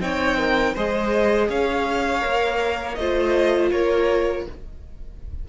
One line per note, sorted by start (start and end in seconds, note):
0.00 0.75 C4
0.00 0.74 D#4
0.00 0.38 C#5
0.00 0.75 G5
0.38 0.74 A#4
0.74 1.49 G#3
0.74 2.20 G#4
0.74 1.48 C5
0.74 1.49 D#5
1.49 2.23 C#4
1.49 2.98 C#5
1.49 2.94 F5
2.20 2.97 A#3
2.20 2.94 A#4
2.94 3.71 A3
2.94 4.48 F4
2.94 3.72 C5
2.94 3.69 D#5
3.71 4.46 A#3
3.71 4.46 A#4
3.71 4.45 C#5